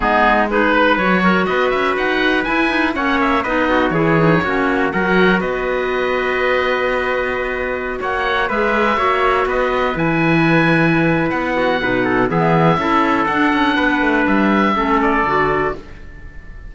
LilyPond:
<<
  \new Staff \with { instrumentName = "oboe" } { \time 4/4 \tempo 4 = 122 gis'4 b'4 cis''4 dis''8 e''8 | fis''4 gis''4 fis''8 e''8 dis''4 | cis''2 fis''4 dis''4~ | dis''1~ |
dis''16 fis''4 e''2 dis''8.~ | dis''16 gis''2~ gis''8. fis''4~ | fis''4 e''2 fis''4~ | fis''4 e''4. d''4. | }
  \new Staff \with { instrumentName = "trumpet" } { \time 4/4 dis'4 gis'8 b'4 ais'8 b'4~ | b'2 cis''4 b'8 fis'8 | gis'4 fis'4 ais'4 b'4~ | b'1~ |
b'16 cis''4 b'4 cis''4 b'8.~ | b'2.~ b'8 fis'8 | b'8 a'8 gis'4 a'2 | b'2 a'2 | }
  \new Staff \with { instrumentName = "clarinet" } { \time 4/4 b4 dis'4 fis'2~ | fis'4 e'8 dis'8 cis'4 dis'4 | e'8 dis'8 cis'4 fis'2~ | fis'1~ |
fis'4~ fis'16 gis'4 fis'4.~ fis'16~ | fis'16 e'2.~ e'8. | dis'4 b4 e'4 d'4~ | d'2 cis'4 fis'4 | }
  \new Staff \with { instrumentName = "cello" } { \time 4/4 gis2 fis4 b8 cis'8 | dis'4 e'4 ais4 b4 | e4 ais4 fis4 b4~ | b1~ |
b16 ais4 gis4 ais4 b8.~ | b16 e2~ e8. b4 | b,4 e4 cis'4 d'8 cis'8 | b8 a8 g4 a4 d4 | }
>>